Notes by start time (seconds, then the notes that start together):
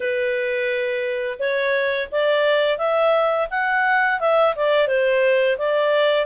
0.00 B4
1.39 C#5
2.11 D5
2.78 E5
3.50 F#5
4.20 E5
4.55 D5
4.87 C5
5.58 D5